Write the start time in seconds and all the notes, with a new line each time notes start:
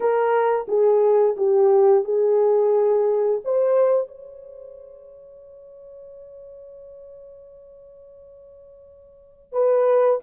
0.00 A#4
0.68 G#4
1.36 G4
2.04 G#4
3.44 C5
4.07 C#5
9.52 B4